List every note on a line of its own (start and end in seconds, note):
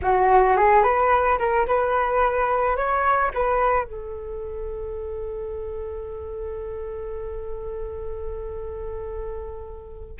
0.02 0.56 F#4
0.56 0.83 G#4
0.83 1.38 B4
1.38 1.66 A#4
1.66 2.76 B4
2.76 3.31 C#5
3.34 3.84 B4
3.84 10.17 A4